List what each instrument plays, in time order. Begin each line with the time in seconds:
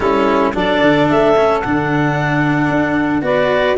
0.00 tuba G3, cello C#4, saxophone E4, clarinet A4
0.53 tuba F#3, cello D4, saxophone A4, clarinet D5
0.81 tuba D3
1.10 tuba A3, clarinet E5
1.36 cello C#4
1.60 tuba D3, cello D4, clarinet F#5
2.69 tuba D4
3.21 tuba B3, cello F#4, saxophone B4, clarinet D5